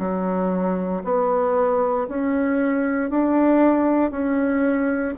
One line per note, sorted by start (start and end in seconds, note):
0.00 1.03 F#3
1.04 2.08 B3
2.09 3.10 C#4
3.10 4.11 D4
4.11 5.15 C#4